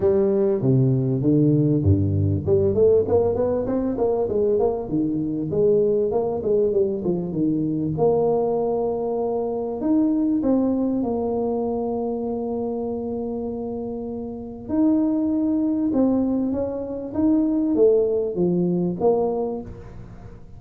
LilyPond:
\new Staff \with { instrumentName = "tuba" } { \time 4/4 \tempo 4 = 98 g4 c4 d4 g,4 | g8 a8 ais8 b8 c'8 ais8 gis8 ais8 | dis4 gis4 ais8 gis8 g8 f8 | dis4 ais2. |
dis'4 c'4 ais2~ | ais1 | dis'2 c'4 cis'4 | dis'4 a4 f4 ais4 | }